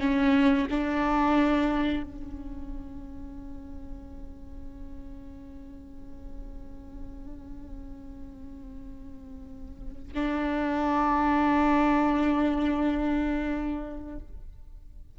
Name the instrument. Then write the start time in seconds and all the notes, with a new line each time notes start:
viola
0.00 C#4
0.71 D4
2.03 C#4
10.15 D4